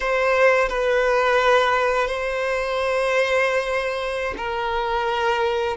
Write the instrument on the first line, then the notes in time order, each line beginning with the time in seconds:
violin
0.00 C5
0.68 B4
2.07 C5
4.37 A#4